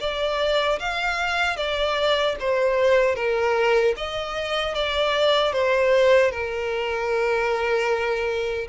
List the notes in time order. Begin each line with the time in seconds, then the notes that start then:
0.00 D5
0.79 F5
1.56 D5
2.40 C5
3.15 A#4
3.97 D#5
4.74 D5
5.52 C5
6.31 A#4